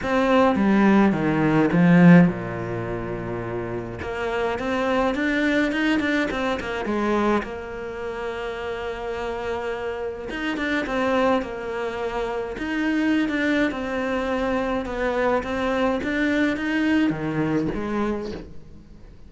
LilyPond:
\new Staff \with { instrumentName = "cello" } { \time 4/4 \tempo 4 = 105 c'4 g4 dis4 f4 | ais,2. ais4 | c'4 d'4 dis'8 d'8 c'8 ais8 | gis4 ais2.~ |
ais2 dis'8 d'8 c'4 | ais2 dis'4~ dis'16 d'8. | c'2 b4 c'4 | d'4 dis'4 dis4 gis4 | }